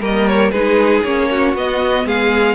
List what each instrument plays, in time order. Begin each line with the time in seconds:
0.00 cello G3, viola A#3, violin A#4 D#5
0.27 violin C#5
0.51 cello G#3, viola D#4, violin G#4 B4
1.04 cello A#3, viola C#4, violin C#5
1.31 violin F#4
1.54 cello B3, viola B3, violin D#5
2.06 cello G#3, violin G#4 F5